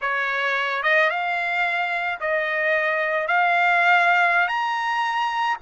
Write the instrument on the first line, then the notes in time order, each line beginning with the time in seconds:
trumpet
0.01 C#5
0.82 D#5
1.10 F5
2.20 D#5
3.27 F5
4.48 A#5